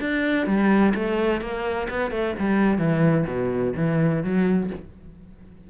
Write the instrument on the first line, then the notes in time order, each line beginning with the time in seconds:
cello
0.00 D4
0.46 G3
0.94 A3
1.41 A#3
1.89 B3
2.11 A3
2.39 G3
2.78 E3
3.26 B2
3.76 E3
4.23 F#3